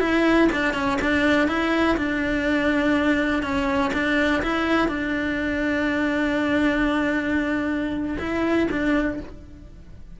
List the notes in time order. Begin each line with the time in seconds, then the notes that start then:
0.00 E4
0.52 D4
0.74 C#4
1.02 D4
1.48 E4
1.97 D4
3.43 C#4
3.93 D4
4.43 E4
4.88 D4
8.19 E4
8.71 D4